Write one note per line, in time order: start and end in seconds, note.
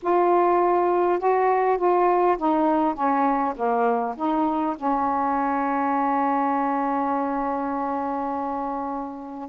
0.02 1.19 F4
1.19 1.77 F#4
1.77 2.37 F4
2.37 2.94 D#4
2.94 3.53 C#4
3.55 4.15 A#3
4.16 4.76 D#4
4.76 9.49 C#4